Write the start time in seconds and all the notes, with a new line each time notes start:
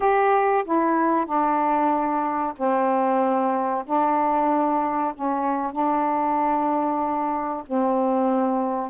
0.00 G4
0.64 E4
1.25 D4
2.56 C4
3.86 D4
5.14 C#4
5.72 D4
7.66 C4